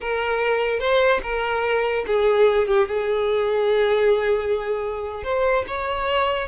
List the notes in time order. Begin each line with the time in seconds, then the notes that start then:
0.00 A#4
0.79 C5
1.23 A#4
2.07 G#4
2.67 G4
2.88 G#4
5.23 C5
5.67 C#5